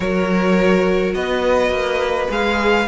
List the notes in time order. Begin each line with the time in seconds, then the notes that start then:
0.00 F#3 F#4 A#4 C#5
1.13 B3 B4 D#5
1.70 A#3
2.29 G#3 G#4 F5